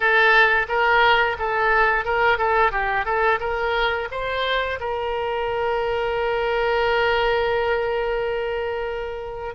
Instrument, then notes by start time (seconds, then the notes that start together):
oboe
0.00 A4
0.68 A#4
1.38 A4
2.05 A#4
2.37 A4
2.71 G4
3.05 A4
3.40 A#4
4.11 C5
4.80 A#4